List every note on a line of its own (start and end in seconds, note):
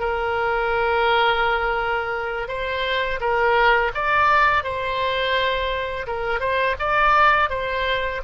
0.00 2.48 A#4
2.48 3.20 C5
3.21 3.92 A#4
3.95 4.64 D5
4.64 6.07 C5
6.07 6.41 A#4
6.41 6.76 C5
6.80 7.50 D5
7.50 8.21 C5